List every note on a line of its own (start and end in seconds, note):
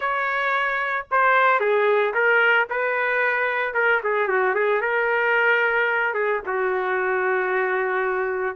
0.00 1.06 C#5
1.11 1.59 C5
1.59 2.13 G#4
2.14 2.67 A#4
2.69 3.74 B4
3.74 4.00 A#4
4.03 4.28 G#4
4.28 4.55 F#4
4.55 4.81 G#4
4.81 6.14 A#4
6.14 6.40 G#4
6.46 8.56 F#4